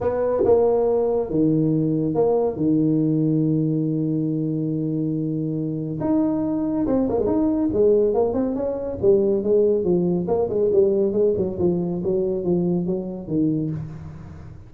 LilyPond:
\new Staff \with { instrumentName = "tuba" } { \time 4/4 \tempo 4 = 140 b4 ais2 dis4~ | dis4 ais4 dis2~ | dis1~ | dis2 dis'2 |
c'8 ais16 gis16 dis'4 gis4 ais8 c'8 | cis'4 g4 gis4 f4 | ais8 gis8 g4 gis8 fis8 f4 | fis4 f4 fis4 dis4 | }